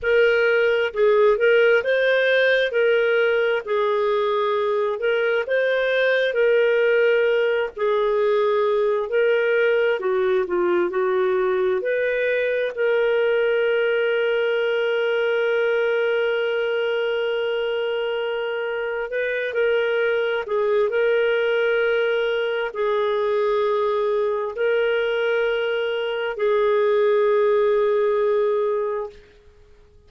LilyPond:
\new Staff \with { instrumentName = "clarinet" } { \time 4/4 \tempo 4 = 66 ais'4 gis'8 ais'8 c''4 ais'4 | gis'4. ais'8 c''4 ais'4~ | ais'8 gis'4. ais'4 fis'8 f'8 | fis'4 b'4 ais'2~ |
ais'1~ | ais'4 b'8 ais'4 gis'8 ais'4~ | ais'4 gis'2 ais'4~ | ais'4 gis'2. | }